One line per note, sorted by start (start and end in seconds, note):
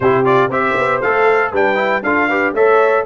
0.00 0.49 C3
0.00 0.24 E4
0.00 0.50 G4
0.00 0.25 C5
0.24 0.49 F4
0.24 0.50 D5
0.49 0.74 C4
0.49 1.01 G4
0.49 1.51 C5
0.49 1.01 E5
0.77 1.02 B3
1.01 1.52 A3
1.01 1.53 A4
1.01 1.52 F5
1.51 2.02 G3
1.51 1.75 D4
1.51 2.02 B4
1.51 2.03 G5
1.75 2.01 E4
2.02 2.53 D4
2.02 2.29 F4
2.02 2.28 A4
2.02 2.54 F5
2.28 2.55 G4
2.28 2.53 B4
2.53 3.04 A3
2.53 3.05 A4
2.53 3.05 C#5
2.53 3.05 E5